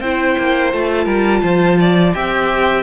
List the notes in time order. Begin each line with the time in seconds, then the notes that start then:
0.00 C4 E4 C5 G5
0.38 A#3
0.72 A3 F4 A5
1.04 G3 A#4
1.43 F3 C5
1.80 D5
2.13 C4 G4 E5 G5